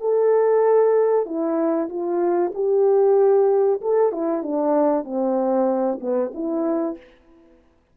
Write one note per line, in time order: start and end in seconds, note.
0.00 1.25 A4
1.25 1.88 E4
1.89 2.52 F4
2.54 3.80 G4
3.81 4.11 A4
4.11 4.42 E4
4.42 5.04 D4
5.04 5.99 C4
6.00 6.32 B3
6.34 6.97 E4